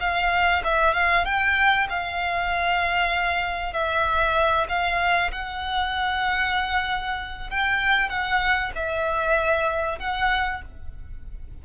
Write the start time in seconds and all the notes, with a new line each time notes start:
0.00 F5
0.64 E5
0.94 F5
1.25 G5
1.89 F5
3.73 E5
4.69 F5
5.32 F#5
7.50 G5
8.09 F#5
8.75 E5
9.99 F#5